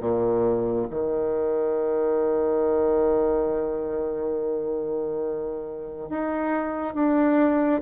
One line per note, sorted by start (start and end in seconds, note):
0.00 0.87 A#2
0.90 6.09 D#3
6.09 6.94 D#4
6.94 7.81 D4